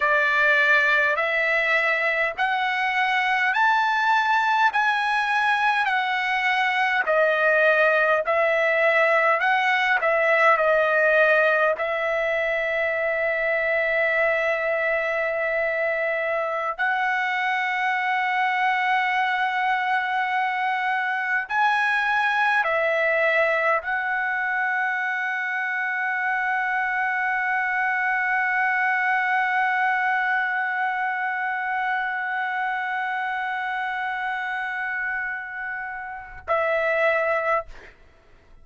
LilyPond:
\new Staff \with { instrumentName = "trumpet" } { \time 4/4 \tempo 4 = 51 d''4 e''4 fis''4 a''4 | gis''4 fis''4 dis''4 e''4 | fis''8 e''8 dis''4 e''2~ | e''2~ e''16 fis''4.~ fis''16~ |
fis''2~ fis''16 gis''4 e''8.~ | e''16 fis''2.~ fis''8.~ | fis''1~ | fis''2. e''4 | }